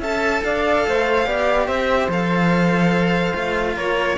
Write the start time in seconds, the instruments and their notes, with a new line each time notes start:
0.00 cello C#4 A4, flute E5, violin A5
0.44 cello D4, flute D5, violin F5
0.87 cello A3, flute C5
1.26 cello B3 G4, flute D5
1.67 cello C4, flute C5, violin E5
2.08 cello F3 A4, violin F5
3.34 cello A3 F4
3.76 cello A#3, flute A#4, violin C#5